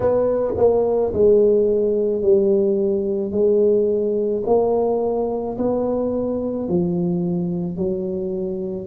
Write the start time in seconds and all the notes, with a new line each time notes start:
0.00 B3
0.57 A#3
1.13 G#3
2.22 G3
3.31 G#3
4.45 A#3
5.57 B3
6.68 F3
7.76 F#3